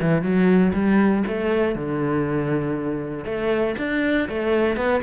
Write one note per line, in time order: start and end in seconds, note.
0.00 0.22 E3
0.22 0.72 F#3
0.73 1.23 G3
1.27 1.75 A3
1.75 3.25 D3
3.25 3.75 A3
3.78 4.28 D4
4.29 4.76 A3
4.76 5.01 B3